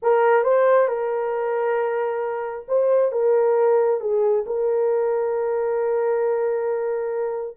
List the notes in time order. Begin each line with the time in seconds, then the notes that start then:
0.02 A#4
0.43 C5
0.87 A#4
2.67 C5
3.12 A#4
4.00 G#4
4.46 A#4